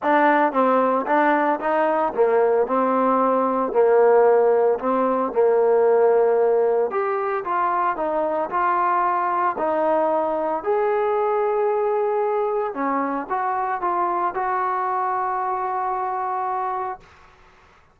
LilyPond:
\new Staff \with { instrumentName = "trombone" } { \time 4/4 \tempo 4 = 113 d'4 c'4 d'4 dis'4 | ais4 c'2 ais4~ | ais4 c'4 ais2~ | ais4 g'4 f'4 dis'4 |
f'2 dis'2 | gis'1 | cis'4 fis'4 f'4 fis'4~ | fis'1 | }